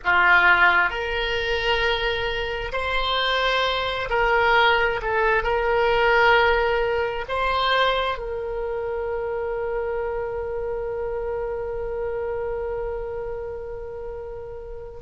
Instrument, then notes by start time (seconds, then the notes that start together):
oboe
0.04 F4
0.90 A#4
2.72 C5
4.09 A#4
5.02 A4
5.43 A#4
7.28 C5
8.17 A#4